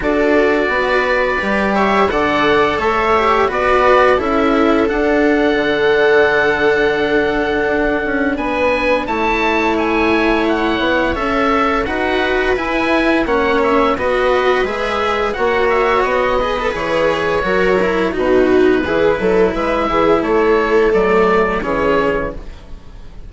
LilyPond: <<
  \new Staff \with { instrumentName = "oboe" } { \time 4/4 \tempo 4 = 86 d''2~ d''8 e''8 fis''4 | e''4 d''4 e''4 fis''4~ | fis''1 | gis''4 a''4 gis''4 fis''4 |
e''4 fis''4 gis''4 fis''8 e''8 | dis''4 e''4 fis''8 e''8 dis''4 | cis''2 b'2 | e''4 cis''4 d''4 cis''4 | }
  \new Staff \with { instrumentName = "viola" } { \time 4/4 a'4 b'4. cis''8 d''4 | cis''4 b'4 a'2~ | a'1 | b'4 cis''2.~ |
cis''4 b'2 cis''4 | b'2 cis''4. b'8~ | b'4 ais'4 fis'4 gis'8 a'8 | b'8 gis'8 a'2 gis'4 | }
  \new Staff \with { instrumentName = "cello" } { \time 4/4 fis'2 g'4 a'4~ | a'8 g'8 fis'4 e'4 d'4~ | d'1~ | d'4 e'2. |
a'4 fis'4 e'4 cis'4 | fis'4 gis'4 fis'4. gis'16 a'16 | gis'4 fis'8 e'8 dis'4 e'4~ | e'2 a4 cis'4 | }
  \new Staff \with { instrumentName = "bassoon" } { \time 4/4 d'4 b4 g4 d4 | a4 b4 cis'4 d'4 | d2. d'8 cis'8 | b4 a2~ a8 b8 |
cis'4 dis'4 e'4 ais4 | b4 gis4 ais4 b4 | e4 fis4 b,4 e8 fis8 | gis8 e8 a4 fis4 e4 | }
>>